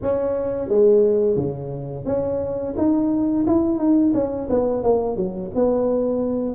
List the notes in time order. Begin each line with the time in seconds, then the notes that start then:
0.02 C#4
0.68 G#3
1.36 C#3
2.05 C#4
2.77 D#4
3.46 E4
3.78 D#4
4.14 C#4
4.49 B3
4.83 A#3
5.16 F#3
5.55 B3